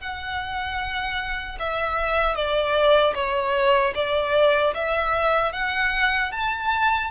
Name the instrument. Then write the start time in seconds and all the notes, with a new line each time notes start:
violin
0.00 F#5
1.59 E5
2.35 D5
3.15 C#5
3.94 D5
4.74 E5
5.52 F#5
6.32 A5